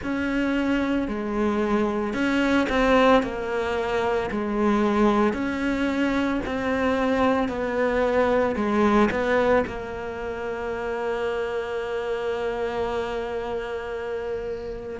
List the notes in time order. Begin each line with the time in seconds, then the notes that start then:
0.03 C#4
1.08 G#3
2.13 C#4
2.69 C4
3.22 A#3
4.31 G#3
5.33 C#4
6.45 C4
7.48 B3
8.55 G#3
9.10 B3
9.67 A#3